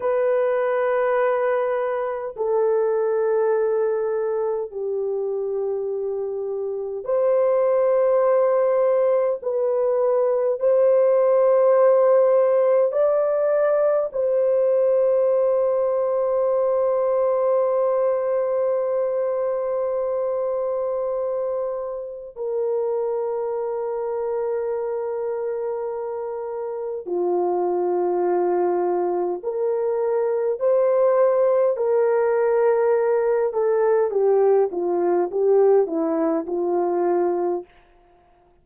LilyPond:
\new Staff \with { instrumentName = "horn" } { \time 4/4 \tempo 4 = 51 b'2 a'2 | g'2 c''2 | b'4 c''2 d''4 | c''1~ |
c''2. ais'4~ | ais'2. f'4~ | f'4 ais'4 c''4 ais'4~ | ais'8 a'8 g'8 f'8 g'8 e'8 f'4 | }